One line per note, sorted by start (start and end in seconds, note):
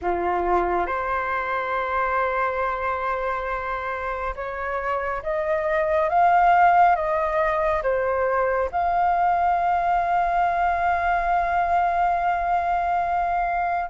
0.01 0.86 F4
0.86 4.34 C5
4.35 5.22 C#5
5.22 6.09 D#5
6.09 6.95 F5
6.95 7.82 D#5
7.83 8.70 C5
8.71 13.89 F5